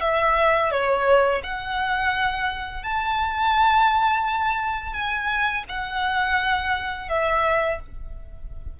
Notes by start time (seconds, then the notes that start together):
0.00 E5
0.71 C#5
1.43 F#5
2.83 A5
4.93 G#5
5.68 F#5
7.08 E5